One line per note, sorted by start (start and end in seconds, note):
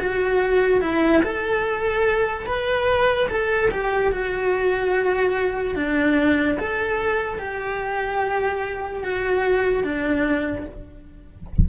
0.00 0.81 F#4
0.81 1.23 E4
1.23 2.47 A4
2.47 3.29 B4
3.29 3.70 A4
3.71 4.12 G4
4.12 5.76 F#4
5.76 6.58 D4
6.59 7.39 A4
7.39 9.04 G4
9.04 9.84 F#4
9.84 10.66 D4